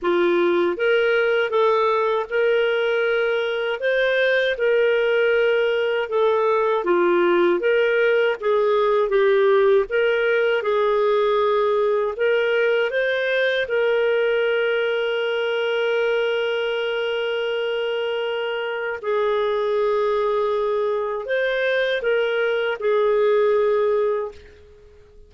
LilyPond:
\new Staff \with { instrumentName = "clarinet" } { \time 4/4 \tempo 4 = 79 f'4 ais'4 a'4 ais'4~ | ais'4 c''4 ais'2 | a'4 f'4 ais'4 gis'4 | g'4 ais'4 gis'2 |
ais'4 c''4 ais'2~ | ais'1~ | ais'4 gis'2. | c''4 ais'4 gis'2 | }